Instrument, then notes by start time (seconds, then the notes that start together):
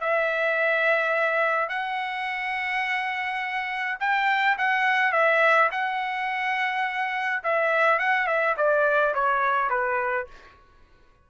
trumpet
0.00 E5
1.69 F#5
3.99 G5
4.57 F#5
5.12 E5
5.71 F#5
7.43 E5
7.99 F#5
8.26 E5
8.57 D5
9.14 C#5
9.69 B4